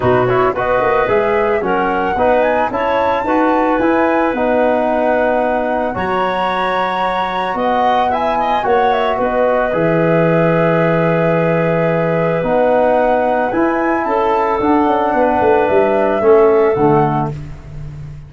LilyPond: <<
  \new Staff \with { instrumentName = "flute" } { \time 4/4 \tempo 4 = 111 b'8 cis''8 dis''4 e''4 fis''4~ | fis''8 gis''8 a''2 gis''4 | fis''2. ais''4~ | ais''2 fis''4 gis''4 |
fis''8 e''8 dis''4 e''2~ | e''2. fis''4~ | fis''4 gis''4 a''4 fis''4~ | fis''4 e''2 fis''4 | }
  \new Staff \with { instrumentName = "clarinet" } { \time 4/4 fis'4 b'2 ais'4 | b'4 cis''4 b'2~ | b'2. cis''4~ | cis''2 dis''4 e''8 dis''8 |
cis''4 b'2.~ | b'1~ | b'2 a'2 | b'2 a'2 | }
  \new Staff \with { instrumentName = "trombone" } { \time 4/4 dis'8 e'8 fis'4 gis'4 cis'4 | dis'4 e'4 fis'4 e'4 | dis'2. fis'4~ | fis'2. e'4 |
fis'2 gis'2~ | gis'2. dis'4~ | dis'4 e'2 d'4~ | d'2 cis'4 a4 | }
  \new Staff \with { instrumentName = "tuba" } { \time 4/4 b,4 b8 ais8 gis4 fis4 | b4 cis'4 dis'4 e'4 | b2. fis4~ | fis2 b2 |
ais4 b4 e2~ | e2. b4~ | b4 e'4 cis'4 d'8 cis'8 | b8 a8 g4 a4 d4 | }
>>